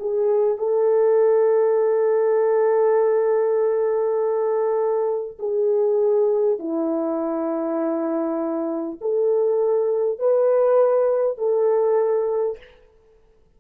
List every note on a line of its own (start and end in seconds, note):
0.00 0.58 G#4
0.58 5.38 A4
5.39 6.59 G#4
6.59 8.99 E4
9.01 10.19 A4
10.19 11.38 B4
11.38 12.58 A4